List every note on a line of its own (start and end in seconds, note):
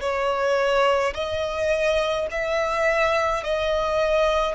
0.00 1.13 C#5
1.14 2.27 D#5
2.31 3.43 E5
3.43 4.55 D#5